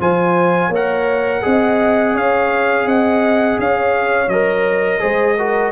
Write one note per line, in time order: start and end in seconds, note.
0.00 0.69 F3
0.00 0.72 F4
0.00 0.69 C5
0.00 0.73 G#5
0.69 1.40 A#3
0.69 1.40 C#5
0.75 1.42 A#4
0.75 2.17 F#5
1.42 2.15 C4
1.42 4.28 G#4
1.42 2.14 D#5
2.14 2.86 C#4
2.14 2.86 C#5
2.14 2.88 F5
2.86 3.57 C4
2.86 3.59 D#5
2.86 3.60 F#5
3.59 4.28 C#4
3.59 5.01 C#5
3.59 4.29 F5
4.28 4.99 F#3
4.28 5.00 A#4
4.28 5.72 D#5
5.00 5.72 G#3
5.00 5.35 G#4
5.00 5.37 C5
5.38 5.72 F#4
5.38 5.72 A#4